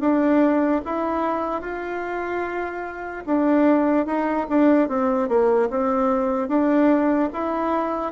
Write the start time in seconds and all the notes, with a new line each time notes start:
0.00 D4
0.85 E4
1.61 F4
3.26 D4
4.06 D#4
4.49 D4
4.89 C4
5.29 A#3
5.69 C4
6.48 D4
7.33 E4